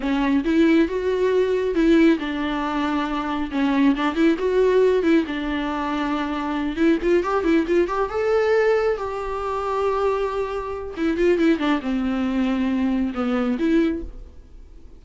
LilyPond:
\new Staff \with { instrumentName = "viola" } { \time 4/4 \tempo 4 = 137 cis'4 e'4 fis'2 | e'4 d'2. | cis'4 d'8 e'8 fis'4. e'8 | d'2.~ d'8 e'8 |
f'8 g'8 e'8 f'8 g'8 a'4.~ | a'8 g'2.~ g'8~ | g'4 e'8 f'8 e'8 d'8 c'4~ | c'2 b4 e'4 | }